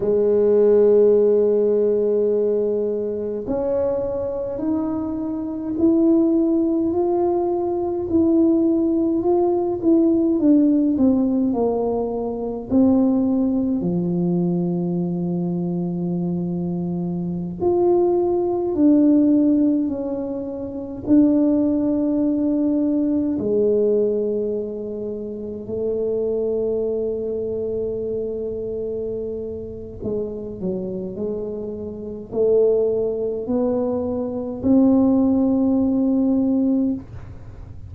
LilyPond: \new Staff \with { instrumentName = "tuba" } { \time 4/4 \tempo 4 = 52 gis2. cis'4 | dis'4 e'4 f'4 e'4 | f'8 e'8 d'8 c'8 ais4 c'4 | f2.~ f16 f'8.~ |
f'16 d'4 cis'4 d'4.~ d'16~ | d'16 gis2 a4.~ a16~ | a2 gis8 fis8 gis4 | a4 b4 c'2 | }